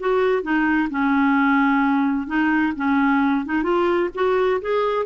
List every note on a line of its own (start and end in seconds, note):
0.00 0.43 F#4
0.43 0.89 D#4
0.91 2.27 C#4
2.27 2.73 D#4
2.77 3.46 C#4
3.46 3.63 D#4
3.63 4.10 F4
4.15 4.61 F#4
4.62 5.06 G#4